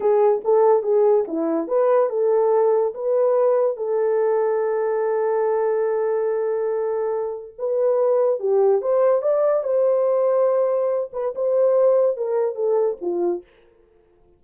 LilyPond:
\new Staff \with { instrumentName = "horn" } { \time 4/4 \tempo 4 = 143 gis'4 a'4 gis'4 e'4 | b'4 a'2 b'4~ | b'4 a'2.~ | a'1~ |
a'2 b'2 | g'4 c''4 d''4 c''4~ | c''2~ c''8 b'8 c''4~ | c''4 ais'4 a'4 f'4 | }